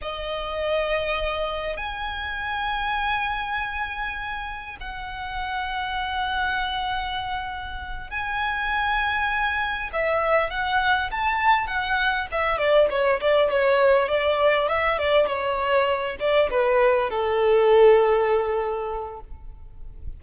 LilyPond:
\new Staff \with { instrumentName = "violin" } { \time 4/4 \tempo 4 = 100 dis''2. gis''4~ | gis''1 | fis''1~ | fis''4. gis''2~ gis''8~ |
gis''8 e''4 fis''4 a''4 fis''8~ | fis''8 e''8 d''8 cis''8 d''8 cis''4 d''8~ | d''8 e''8 d''8 cis''4. d''8 b'8~ | b'8 a'2.~ a'8 | }